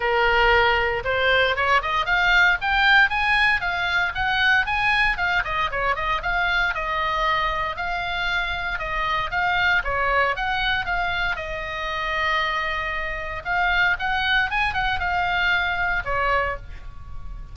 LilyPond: \new Staff \with { instrumentName = "oboe" } { \time 4/4 \tempo 4 = 116 ais'2 c''4 cis''8 dis''8 | f''4 g''4 gis''4 f''4 | fis''4 gis''4 f''8 dis''8 cis''8 dis''8 | f''4 dis''2 f''4~ |
f''4 dis''4 f''4 cis''4 | fis''4 f''4 dis''2~ | dis''2 f''4 fis''4 | gis''8 fis''8 f''2 cis''4 | }